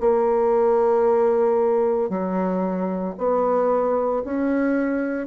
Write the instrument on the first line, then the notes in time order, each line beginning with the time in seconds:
bassoon
0.00 A#3
2.09 F#3
3.18 B3
4.24 C#4